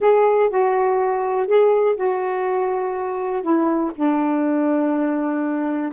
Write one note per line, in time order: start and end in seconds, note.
0.00 0.49 G#4
0.49 1.47 F#4
1.47 1.95 G#4
1.95 3.42 F#4
3.42 3.91 E4
3.95 5.92 D4